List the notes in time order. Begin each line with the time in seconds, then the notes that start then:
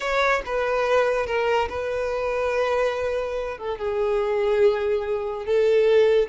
0.00 C#5
0.45 B4
1.26 A#4
1.69 B4
3.58 A4
3.78 G#4
5.45 A4